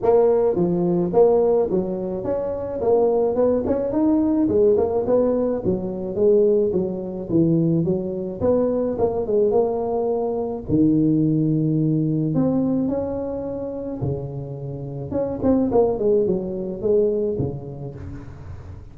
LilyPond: \new Staff \with { instrumentName = "tuba" } { \time 4/4 \tempo 4 = 107 ais4 f4 ais4 fis4 | cis'4 ais4 b8 cis'8 dis'4 | gis8 ais8 b4 fis4 gis4 | fis4 e4 fis4 b4 |
ais8 gis8 ais2 dis4~ | dis2 c'4 cis'4~ | cis'4 cis2 cis'8 c'8 | ais8 gis8 fis4 gis4 cis4 | }